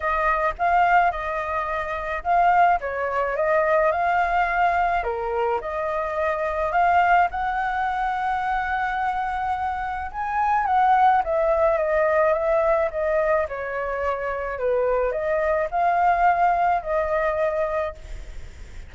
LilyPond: \new Staff \with { instrumentName = "flute" } { \time 4/4 \tempo 4 = 107 dis''4 f''4 dis''2 | f''4 cis''4 dis''4 f''4~ | f''4 ais'4 dis''2 | f''4 fis''2.~ |
fis''2 gis''4 fis''4 | e''4 dis''4 e''4 dis''4 | cis''2 b'4 dis''4 | f''2 dis''2 | }